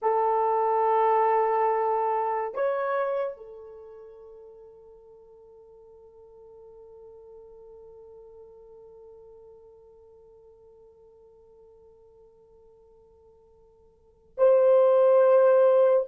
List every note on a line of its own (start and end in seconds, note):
0.02 2.54 A4
2.54 3.37 C#5
3.37 14.35 A4
14.37 16.06 C5